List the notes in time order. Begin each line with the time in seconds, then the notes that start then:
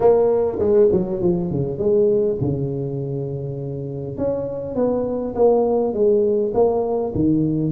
0.00 A#3
0.59 G#3
0.92 F#3
1.21 F3
1.50 C#3
1.78 G#3
2.41 C#3
4.17 C#4
4.75 B3
5.35 A#3
5.93 G#3
6.53 A#3
7.14 D#3